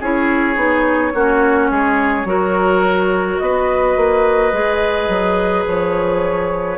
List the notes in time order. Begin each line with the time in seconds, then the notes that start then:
0.00 C#4 E4 G#4 C#5
0.56 B3 D#4
1.14 A#3 C#4 F#4
1.71 G#3 G#4
2.25 F#3 F#4 A#4
3.38 B3 B4 D#5
3.97 A#3
4.53 G#3 G#4
5.09 F#3
5.67 F3 C#5